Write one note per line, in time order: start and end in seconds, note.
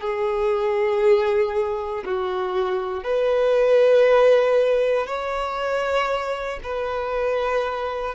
0.00 2.03 G#4
2.04 3.03 F#4
3.03 5.07 B4
5.07 6.59 C#5
6.63 8.14 B4